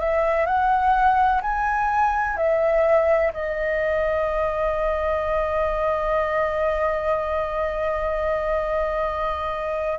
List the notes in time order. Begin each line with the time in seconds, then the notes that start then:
0.00 E5
0.46 F#5
1.42 G#5
2.37 E5
3.33 D#5